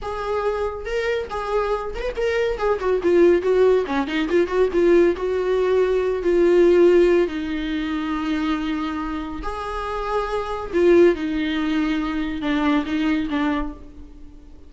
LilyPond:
\new Staff \with { instrumentName = "viola" } { \time 4/4 \tempo 4 = 140 gis'2 ais'4 gis'4~ | gis'8 ais'16 b'16 ais'4 gis'8 fis'8 f'4 | fis'4 cis'8 dis'8 f'8 fis'8 f'4 | fis'2~ fis'8 f'4.~ |
f'4 dis'2.~ | dis'2 gis'2~ | gis'4 f'4 dis'2~ | dis'4 d'4 dis'4 d'4 | }